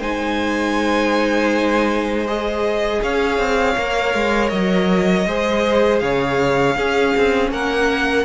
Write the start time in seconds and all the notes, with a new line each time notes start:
0.00 G#3 D#4 C5 G#5
2.27 G#4 D#5
3.03 C#4 C#5 F5
3.39 C4
3.78 A#3 A#4
4.15 G#3
4.49 F#3 D#5
5.27 G#3 G#4 C5
6.00 C#3 C#5 F5
6.77 C#4 G#4
7.18 C4
7.51 A#3 A#4 F#5